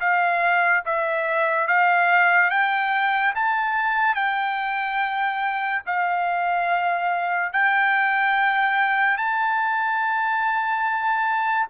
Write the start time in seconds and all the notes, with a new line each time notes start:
0.00 F5
0.85 E5
1.67 F5
2.50 G5
3.35 A5
4.15 G5
5.86 F5
7.52 G5
9.17 A5